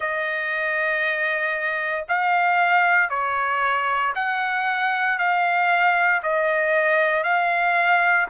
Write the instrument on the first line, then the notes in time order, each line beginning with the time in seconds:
trumpet
0.00 D#5
2.08 F5
3.09 C#5
4.15 F#5
5.18 F5
6.23 D#5
7.23 F5